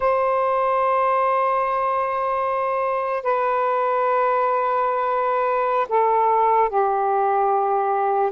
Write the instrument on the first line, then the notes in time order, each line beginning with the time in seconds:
saxophone
0.00 C5
3.23 B4
5.89 A4
6.69 G4